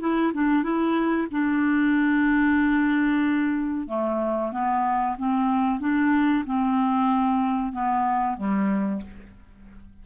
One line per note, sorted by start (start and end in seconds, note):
0.00 0.32 E4
0.34 0.63 D4
0.63 1.28 E4
1.31 3.88 D4
3.88 4.52 A3
4.52 5.16 B3
5.18 5.80 C4
5.80 6.45 D4
6.45 7.72 C4
7.72 8.37 B3
8.37 9.01 G3